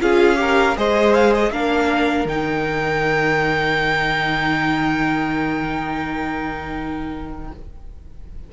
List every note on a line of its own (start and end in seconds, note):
0.00 0.76 C#4
0.00 0.36 F4
0.00 0.40 G#4
0.00 0.77 F5
0.36 0.73 G4
0.36 0.78 A#4
0.76 1.51 G#3
0.76 1.51 G#4
0.76 1.52 C5
0.76 1.14 D#5
1.14 1.33 F5
1.34 1.53 D#5
1.51 2.25 A#3
1.51 2.27 D4
1.51 7.52 A#4
1.51 2.27 F5
2.25 7.50 D#3
2.25 7.53 D#4
2.25 7.53 G5